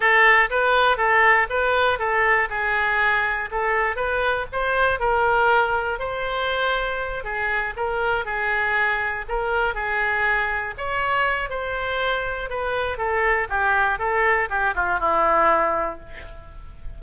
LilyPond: \new Staff \with { instrumentName = "oboe" } { \time 4/4 \tempo 4 = 120 a'4 b'4 a'4 b'4 | a'4 gis'2 a'4 | b'4 c''4 ais'2 | c''2~ c''8 gis'4 ais'8~ |
ais'8 gis'2 ais'4 gis'8~ | gis'4. cis''4. c''4~ | c''4 b'4 a'4 g'4 | a'4 g'8 f'8 e'2 | }